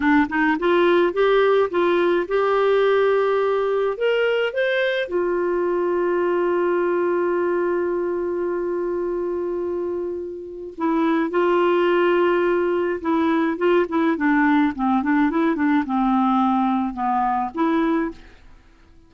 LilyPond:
\new Staff \with { instrumentName = "clarinet" } { \time 4/4 \tempo 4 = 106 d'8 dis'8 f'4 g'4 f'4 | g'2. ais'4 | c''4 f'2.~ | f'1~ |
f'2. e'4 | f'2. e'4 | f'8 e'8 d'4 c'8 d'8 e'8 d'8 | c'2 b4 e'4 | }